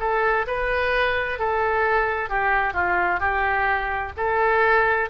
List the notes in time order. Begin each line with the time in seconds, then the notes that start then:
0.00 A4
0.47 B4
1.39 A4
2.30 G4
2.74 F4
3.20 G4
4.17 A4